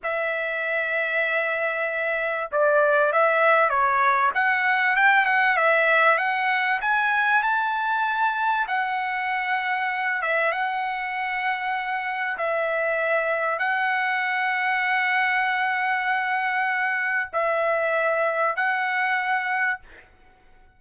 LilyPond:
\new Staff \with { instrumentName = "trumpet" } { \time 4/4 \tempo 4 = 97 e''1 | d''4 e''4 cis''4 fis''4 | g''8 fis''8 e''4 fis''4 gis''4 | a''2 fis''2~ |
fis''8 e''8 fis''2. | e''2 fis''2~ | fis''1 | e''2 fis''2 | }